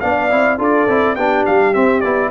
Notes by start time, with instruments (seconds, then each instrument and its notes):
0.00 tuba B3, trombone D4, horn D5, trumpet F5
0.30 tuba C4, trombone E4
0.58 tuba D4, trombone F4, horn A4, trumpet D5
0.87 tuba C4, trombone E4
1.15 tuba B3, trombone D4, horn G4, trumpet G5
1.46 tuba G3, trumpet F5
1.74 trombone C4, tuba C4, trumpet E5
2.01 tuba B3, trombone E4, trumpet D5